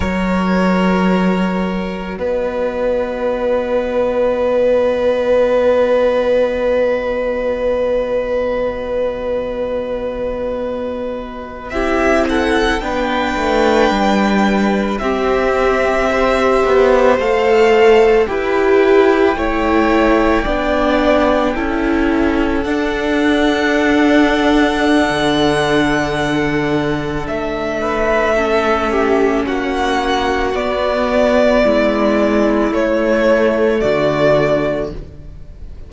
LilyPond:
<<
  \new Staff \with { instrumentName = "violin" } { \time 4/4 \tempo 4 = 55 cis''2 dis''2~ | dis''1~ | dis''2~ dis''8. e''8 fis''8 g''16~ | g''4.~ g''16 e''2 f''16~ |
f''8. g''2.~ g''16~ | g''8. fis''2.~ fis''16~ | fis''4 e''2 fis''4 | d''2 cis''4 d''4 | }
  \new Staff \with { instrumentName = "violin" } { \time 4/4 ais'2 b'2~ | b'1~ | b'2~ b'8. g'8 a'8 b'16~ | b'4.~ b'16 g'4 c''4~ c''16~ |
c''8. b'4 cis''4 d''4 a'16~ | a'1~ | a'4. b'8 a'8 g'8 fis'4~ | fis'4 e'2 fis'4 | }
  \new Staff \with { instrumentName = "viola" } { \time 4/4 fis'1~ | fis'1~ | fis'2~ fis'8. e'4 d'16~ | d'4.~ d'16 c'4 g'4 a'16~ |
a'8. g'4 e'4 d'4 e'16~ | e'8. d'2.~ d'16~ | d'2 cis'2 | b2 a2 | }
  \new Staff \with { instrumentName = "cello" } { \time 4/4 fis2 b2~ | b1~ | b2~ b8. c'4 b16~ | b16 a8 g4 c'4. b8 a16~ |
a8. e'4 a4 b4 cis'16~ | cis'8. d'2~ d'16 d4~ | d4 a2 ais4 | b4 gis4 a4 d4 | }
>>